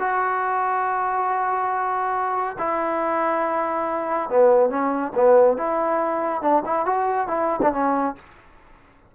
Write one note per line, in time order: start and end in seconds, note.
0.00 2.57 F#4
2.59 4.30 E4
4.30 4.70 B3
4.70 5.13 C#4
5.15 5.58 B3
5.58 6.42 E4
6.42 6.63 D4
6.66 6.86 E4
6.86 7.28 F#4
7.28 7.60 E4
7.62 7.73 D4
7.73 8.16 C#4